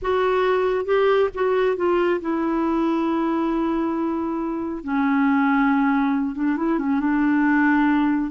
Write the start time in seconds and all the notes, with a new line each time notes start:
0.02 F#4
0.85 G4
1.34 F#4
1.76 F4
2.20 E4
4.83 C#4
6.35 D4
6.57 E4
6.78 C#4
7.00 D4